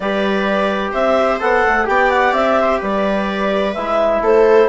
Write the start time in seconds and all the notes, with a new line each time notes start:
0.00 G3 G4 B4 D5
0.91 C4 C5 E5
1.39 B3 A4 F#5
1.66 A3
1.84 B3 G4 D5 G5
2.10 F#5
2.32 C4 E5
2.61 C5
2.78 G3 B4 D5
3.74 G#3 E4 E5
4.21 A3 A4 C5